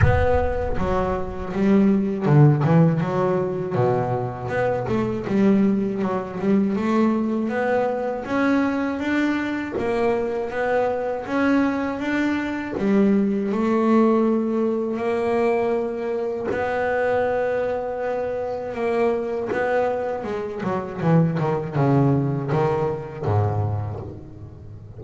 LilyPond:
\new Staff \with { instrumentName = "double bass" } { \time 4/4 \tempo 4 = 80 b4 fis4 g4 d8 e8 | fis4 b,4 b8 a8 g4 | fis8 g8 a4 b4 cis'4 | d'4 ais4 b4 cis'4 |
d'4 g4 a2 | ais2 b2~ | b4 ais4 b4 gis8 fis8 | e8 dis8 cis4 dis4 gis,4 | }